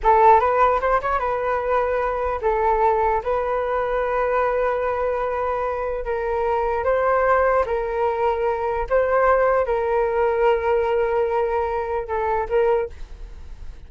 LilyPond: \new Staff \with { instrumentName = "flute" } { \time 4/4 \tempo 4 = 149 a'4 b'4 c''8 cis''8 b'4~ | b'2 a'2 | b'1~ | b'2. ais'4~ |
ais'4 c''2 ais'4~ | ais'2 c''2 | ais'1~ | ais'2 a'4 ais'4 | }